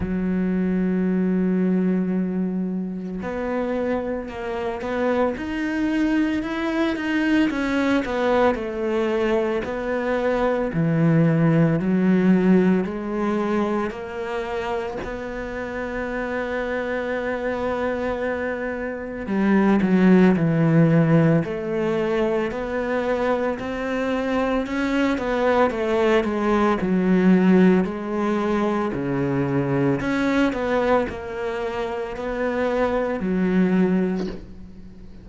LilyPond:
\new Staff \with { instrumentName = "cello" } { \time 4/4 \tempo 4 = 56 fis2. b4 | ais8 b8 dis'4 e'8 dis'8 cis'8 b8 | a4 b4 e4 fis4 | gis4 ais4 b2~ |
b2 g8 fis8 e4 | a4 b4 c'4 cis'8 b8 | a8 gis8 fis4 gis4 cis4 | cis'8 b8 ais4 b4 fis4 | }